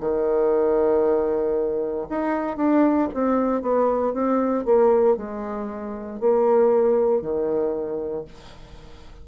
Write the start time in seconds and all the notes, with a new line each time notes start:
0.00 D#3
2.09 D#4
2.56 D4
3.14 C4
3.62 B3
4.13 C4
4.65 A#3
5.17 G#3
6.20 A#3
7.21 D#3